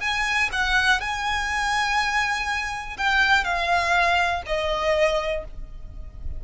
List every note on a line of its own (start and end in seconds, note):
0.00 0.49 G#5
0.52 1.01 F#5
1.01 2.97 G#5
2.97 3.44 G5
3.44 4.43 F5
4.46 5.45 D#5